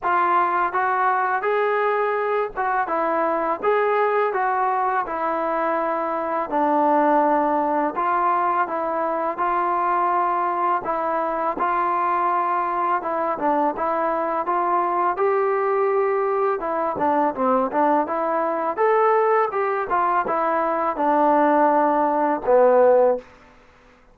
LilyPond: \new Staff \with { instrumentName = "trombone" } { \time 4/4 \tempo 4 = 83 f'4 fis'4 gis'4. fis'8 | e'4 gis'4 fis'4 e'4~ | e'4 d'2 f'4 | e'4 f'2 e'4 |
f'2 e'8 d'8 e'4 | f'4 g'2 e'8 d'8 | c'8 d'8 e'4 a'4 g'8 f'8 | e'4 d'2 b4 | }